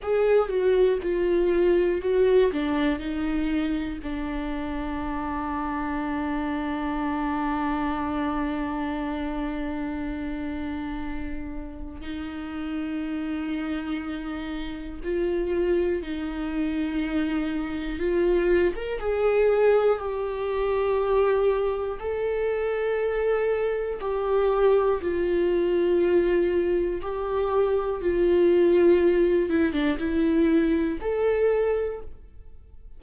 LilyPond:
\new Staff \with { instrumentName = "viola" } { \time 4/4 \tempo 4 = 60 gis'8 fis'8 f'4 fis'8 d'8 dis'4 | d'1~ | d'1 | dis'2. f'4 |
dis'2 f'8. ais'16 gis'4 | g'2 a'2 | g'4 f'2 g'4 | f'4. e'16 d'16 e'4 a'4 | }